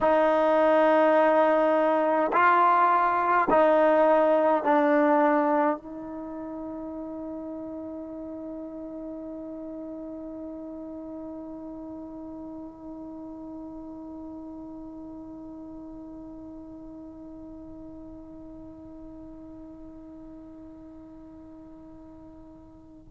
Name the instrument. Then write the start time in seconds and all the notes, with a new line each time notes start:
trombone
0.01 D#4
2.32 F4
3.49 D#4
4.63 D4
5.77 D#4